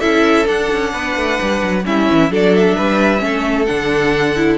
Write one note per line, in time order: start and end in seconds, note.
0.00 0.49 C#4
0.00 0.45 E4
0.00 0.92 A4
0.00 0.46 E5
0.45 1.82 D4
0.45 0.72 D4
0.45 1.86 F#5
0.73 0.94 C#4
0.94 1.17 B3
0.94 1.85 B4
1.17 1.40 A3
1.42 1.62 G3
1.62 1.85 F#3
1.85 2.10 G3
1.85 2.30 C#4
1.85 2.32 E4
1.85 2.32 E5
2.12 2.30 E3
2.30 2.76 F#3
2.30 3.19 D4
2.30 2.76 A4
2.30 2.56 D5
2.56 3.66 E5
2.76 3.23 G3
2.76 3.22 B4
3.19 3.69 A3
3.19 3.64 C#4
3.25 4.59 A4
3.66 4.59 D3
3.66 4.37 D4
3.66 4.57 F#5
4.37 4.59 E4